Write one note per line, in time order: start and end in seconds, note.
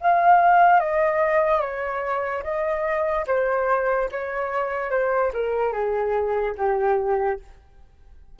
0.00 0.79 F5
0.79 1.60 D#5
1.60 2.42 C#5
2.43 3.25 D#5
3.27 4.09 C5
4.11 4.91 C#5
4.91 5.32 C5
5.33 5.72 A#4
5.72 6.55 G#4
6.57 7.39 G4